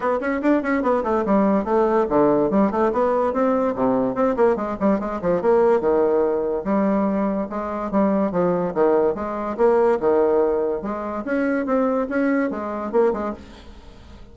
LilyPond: \new Staff \with { instrumentName = "bassoon" } { \time 4/4 \tempo 4 = 144 b8 cis'8 d'8 cis'8 b8 a8 g4 | a4 d4 g8 a8 b4 | c'4 c4 c'8 ais8 gis8 g8 | gis8 f8 ais4 dis2 |
g2 gis4 g4 | f4 dis4 gis4 ais4 | dis2 gis4 cis'4 | c'4 cis'4 gis4 ais8 gis8 | }